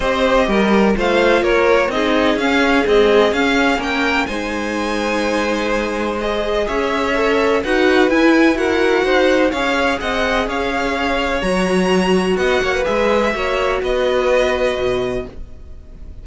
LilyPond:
<<
  \new Staff \with { instrumentName = "violin" } { \time 4/4 \tempo 4 = 126 dis''2 f''4 cis''4 | dis''4 f''4 dis''4 f''4 | g''4 gis''2.~ | gis''4 dis''4 e''2 |
fis''4 gis''4 fis''2 | f''4 fis''4 f''2 | ais''2 fis''4 e''4~ | e''4 dis''2. | }
  \new Staff \with { instrumentName = "violin" } { \time 4/4 c''4 ais'4 c''4 ais'4 | gis'1 | ais'4 c''2.~ | c''2 cis''2 |
b'2 ais'4 c''4 | cis''4 dis''4 cis''2~ | cis''2 dis''8 cis''16 b'4~ b'16 | cis''4 b'2. | }
  \new Staff \with { instrumentName = "viola" } { \time 4/4 g'2 f'2 | dis'4 cis'4 gis4 cis'4~ | cis'4 dis'2.~ | dis'4 gis'2 a'4 |
fis'4 e'4 fis'2 | gis'1 | fis'2. gis'4 | fis'1 | }
  \new Staff \with { instrumentName = "cello" } { \time 4/4 c'4 g4 a4 ais4 | c'4 cis'4 c'4 cis'4 | ais4 gis2.~ | gis2 cis'2 |
dis'4 e'2 dis'4 | cis'4 c'4 cis'2 | fis2 b8 ais8 gis4 | ais4 b2 b,4 | }
>>